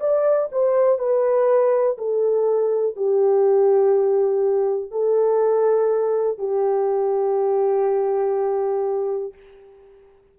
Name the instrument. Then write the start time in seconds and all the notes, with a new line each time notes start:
horn
0.00 D5
0.52 C5
0.99 B4
1.98 A4
2.96 G4
4.91 A4
6.38 G4